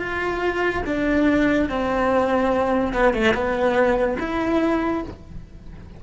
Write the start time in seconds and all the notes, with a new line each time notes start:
0.00 F4
0.87 D4
1.70 C4
2.94 B3
3.14 A3
3.34 B3
4.20 E4